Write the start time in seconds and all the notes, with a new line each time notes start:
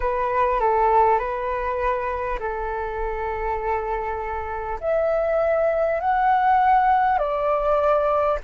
0.00 B4
0.59 A4
1.18 B4
2.39 A4
4.80 E5
6.00 F#5
7.18 D5